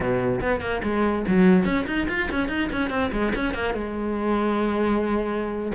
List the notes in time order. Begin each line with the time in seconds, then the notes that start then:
0.00 B2
0.41 B3
0.60 A#3
0.83 G#3
1.27 F#3
1.65 C#4
1.86 D#4
2.08 F4
2.31 C#4
2.48 D#4
2.72 C#4
2.89 C4
3.12 G#3
3.35 C#4
3.54 A#3
3.73 G#3